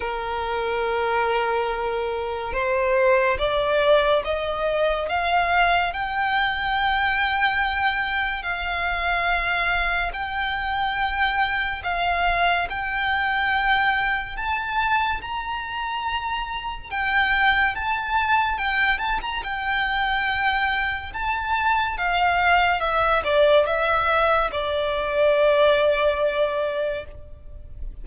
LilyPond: \new Staff \with { instrumentName = "violin" } { \time 4/4 \tempo 4 = 71 ais'2. c''4 | d''4 dis''4 f''4 g''4~ | g''2 f''2 | g''2 f''4 g''4~ |
g''4 a''4 ais''2 | g''4 a''4 g''8 a''16 ais''16 g''4~ | g''4 a''4 f''4 e''8 d''8 | e''4 d''2. | }